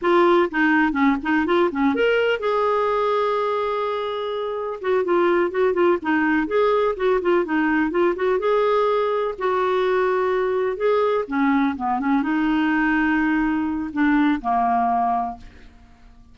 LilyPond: \new Staff \with { instrumentName = "clarinet" } { \time 4/4 \tempo 4 = 125 f'4 dis'4 cis'8 dis'8 f'8 cis'8 | ais'4 gis'2.~ | gis'2 fis'8 f'4 fis'8 | f'8 dis'4 gis'4 fis'8 f'8 dis'8~ |
dis'8 f'8 fis'8 gis'2 fis'8~ | fis'2~ fis'8 gis'4 cis'8~ | cis'8 b8 cis'8 dis'2~ dis'8~ | dis'4 d'4 ais2 | }